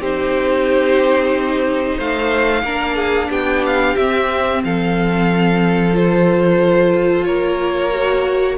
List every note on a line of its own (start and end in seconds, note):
0.00 1.98 C4
0.00 2.65 D#4
0.00 1.96 G4
0.00 1.99 C5
1.96 2.63 A3
1.96 2.62 C5
1.96 3.31 F5
2.63 3.29 A#3
2.63 3.98 D4
2.63 2.96 A#4
2.96 3.29 G#4
3.29 3.96 B3
3.29 4.61 G4
3.29 3.65 G5
3.66 3.96 F5
3.96 4.63 C4
3.96 5.93 C4
3.96 4.62 E5
4.64 7.27 F3
4.64 7.27 A4
4.64 5.96 F5
5.93 7.91 F4
5.93 7.24 C5
7.24 8.58 A#3
7.24 8.58 A#4
7.24 8.56 C#5
7.93 8.58 F#4